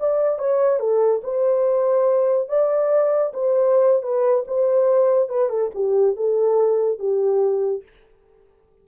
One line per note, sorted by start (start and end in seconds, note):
0.00 0.39 D5
0.39 0.80 C#5
0.80 1.21 A4
1.23 2.49 C5
2.49 3.33 D5
3.33 4.03 C5
4.03 4.45 B4
4.47 5.29 C5
5.29 5.50 B4
5.50 5.71 A4
5.75 6.16 G4
6.16 6.99 A4
6.99 7.83 G4